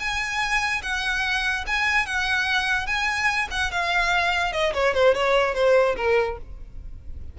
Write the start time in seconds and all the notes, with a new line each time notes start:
0.00 G#5
0.83 F#5
1.67 G#5
2.06 F#5
2.87 G#5
3.51 F#5
3.72 F5
4.53 D#5
4.74 C#5
4.94 C5
5.15 C#5
5.55 C5
5.97 A#4